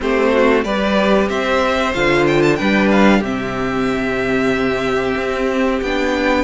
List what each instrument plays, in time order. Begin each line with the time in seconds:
0.00 cello A3, viola C4, violin G4 C5
0.33 violin F#4
0.63 cello G3, viola G4, violin B4 D5
1.29 cello C4, violin C5 E5
1.93 cello D3, viola F4, violin F5
2.26 violin G5
2.42 violin A5
2.56 cello G3, viola D4, violin B4 G5
2.91 violin F5
3.19 cello C3, viola C4, violin G4 E5
5.16 cello C4
5.81 cello B3, viola D4, violin G5